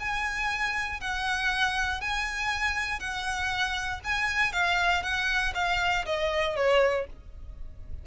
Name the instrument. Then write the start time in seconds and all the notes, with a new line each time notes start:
violin
0.00 G#5
1.01 F#5
2.01 G#5
3.00 F#5
4.05 G#5
4.53 F5
5.03 F#5
5.55 F5
6.06 D#5
6.57 C#5